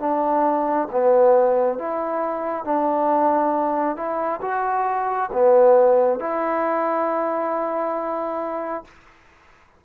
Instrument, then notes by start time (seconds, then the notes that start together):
trombone
0.00 D4
0.91 B3
1.78 E4
2.65 D4
3.97 E4
4.42 F#4
5.33 B3
6.20 E4